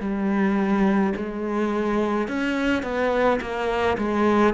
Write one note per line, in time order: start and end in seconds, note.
0.00 1.13 G3
1.16 2.28 G#3
2.28 2.83 C#4
2.83 3.40 B3
3.41 3.98 A#3
3.98 4.54 G#3